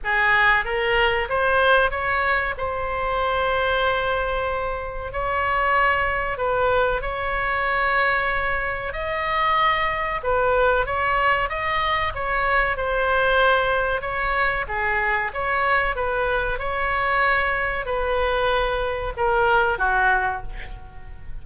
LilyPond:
\new Staff \with { instrumentName = "oboe" } { \time 4/4 \tempo 4 = 94 gis'4 ais'4 c''4 cis''4 | c''1 | cis''2 b'4 cis''4~ | cis''2 dis''2 |
b'4 cis''4 dis''4 cis''4 | c''2 cis''4 gis'4 | cis''4 b'4 cis''2 | b'2 ais'4 fis'4 | }